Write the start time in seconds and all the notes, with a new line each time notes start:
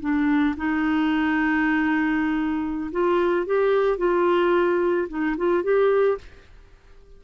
0.00 D4
0.57 D#4
2.91 F4
3.46 G4
3.98 F4
5.08 D#4
5.37 F4
5.63 G4